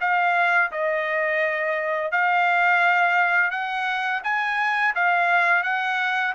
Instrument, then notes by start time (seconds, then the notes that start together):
trumpet
0.00 F5
0.71 D#5
2.11 F5
3.51 F#5
4.24 G#5
4.95 F5
5.63 F#5